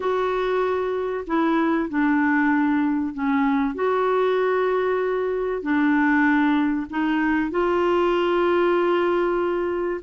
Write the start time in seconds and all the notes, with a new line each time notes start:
0.00 F#4
1.26 E4
1.89 D4
3.13 C#4
3.74 F#4
5.62 D4
6.90 D#4
7.51 F4